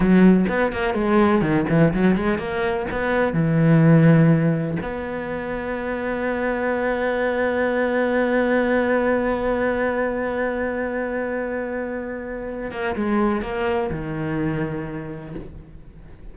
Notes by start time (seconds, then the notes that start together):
0.00 F#3
0.48 B3
0.72 A#3
0.93 G#3
1.41 D#3
1.69 E3
1.93 F#3
2.16 G#3
2.38 A#3
2.91 B3
3.33 E3
4.82 B3
12.71 A#3
12.95 G#3
13.42 A#3
13.91 D#3